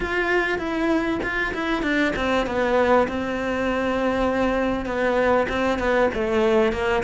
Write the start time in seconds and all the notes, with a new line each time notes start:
0.00 F4
0.58 E4
1.22 F4
1.53 E4
1.82 D4
2.16 C4
2.46 B3
3.08 C4
4.85 B3
5.49 C4
5.79 B3
6.14 A3
6.72 A#3